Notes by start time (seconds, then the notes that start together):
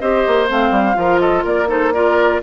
0.00 C4 G4 C5 D#5
0.27 A#3
0.48 A3 C4 F5
0.71 G3
0.94 F3 F4 A#4
1.20 A4 D#5
1.44 A#3 A#4 D5
1.68 D#4 A4 C5
1.94 F4 A#4 D5